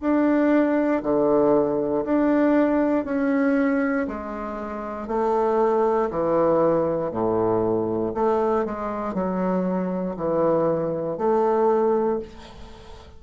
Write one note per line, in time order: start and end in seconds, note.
0.00 1.02 D4
1.03 2.04 D3
2.04 3.05 D4
3.05 4.06 C#4
4.07 5.08 G#3
5.08 6.09 A3
6.10 7.11 E3
7.11 8.13 A2
8.14 8.65 A3
8.65 9.13 G#3
9.13 10.15 F#3
10.16 11.17 E3
11.17 12.19 A3